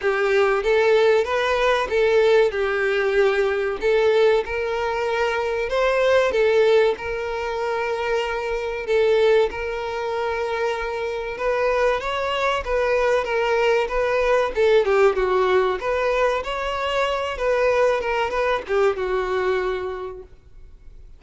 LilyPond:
\new Staff \with { instrumentName = "violin" } { \time 4/4 \tempo 4 = 95 g'4 a'4 b'4 a'4 | g'2 a'4 ais'4~ | ais'4 c''4 a'4 ais'4~ | ais'2 a'4 ais'4~ |
ais'2 b'4 cis''4 | b'4 ais'4 b'4 a'8 g'8 | fis'4 b'4 cis''4. b'8~ | b'8 ais'8 b'8 g'8 fis'2 | }